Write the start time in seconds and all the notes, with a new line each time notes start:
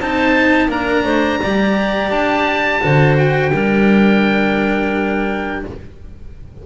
0.00 C4 D#4 C5 A5
0.68 A#3 D4 A#4 A#5
1.04 A3 C5
1.41 G3 G4 D5
2.11 D4 A5
2.81 D3 F#4 C5
3.18 G5
3.52 G3 D4 A#4